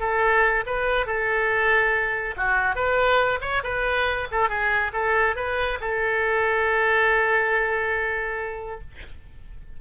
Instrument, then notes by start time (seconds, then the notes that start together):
oboe
0.00 A4
0.66 B4
1.06 A4
2.37 F#4
2.75 B4
3.41 C#5
3.64 B4
4.31 A4
4.49 G#4
4.93 A4
5.36 B4
5.81 A4